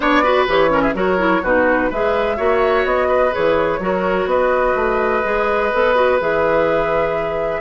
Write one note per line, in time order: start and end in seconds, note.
0.00 0.47 B3
0.00 0.23 D4
0.00 0.22 C#5
0.00 0.46 D5
0.22 0.47 F#4
0.22 0.70 B4
0.47 0.94 E3
0.47 0.69 G4
0.47 0.81 C#5
0.69 0.93 C#4
0.69 0.82 A#4
0.81 0.94 G#4
0.81 0.93 E5
0.94 1.41 F#3
0.94 1.18 F#4
0.94 1.42 A#4
0.94 1.44 C#5
1.18 1.42 E4
1.42 1.90 B2
1.42 1.92 D#4
1.42 1.90 F#4
1.42 1.91 B4
1.90 2.38 G#3
1.90 2.37 G#4
1.90 2.36 B4
1.90 2.86 E5
2.36 2.85 A#3
2.36 3.31 F#4
2.36 3.08 C#5
2.85 3.32 B3
2.85 3.33 D#5
3.08 3.79 B4
3.31 3.79 E3
3.31 3.79 G#4
3.31 4.29 C#5
3.79 4.25 F#3
3.79 5.23 F#4
3.79 4.29 A#4
4.25 4.73 B3
4.25 7.60 B4
4.25 6.19 D#5
4.75 5.22 A3
5.23 5.72 G#3
5.23 5.70 G#4
5.73 6.20 B3
5.73 5.95 A4
5.95 6.18 F#4
6.20 7.60 E3
6.20 7.60 G#4
6.20 7.60 E5